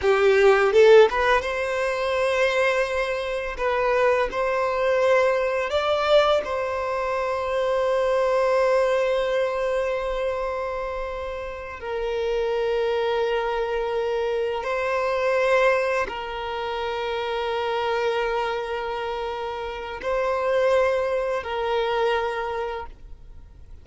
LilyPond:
\new Staff \with { instrumentName = "violin" } { \time 4/4 \tempo 4 = 84 g'4 a'8 b'8 c''2~ | c''4 b'4 c''2 | d''4 c''2.~ | c''1~ |
c''8 ais'2.~ ais'8~ | ais'8 c''2 ais'4.~ | ais'1 | c''2 ais'2 | }